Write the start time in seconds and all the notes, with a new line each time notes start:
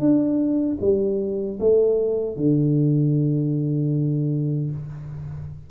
0.00 D4
0.81 G3
1.60 A3
2.37 D3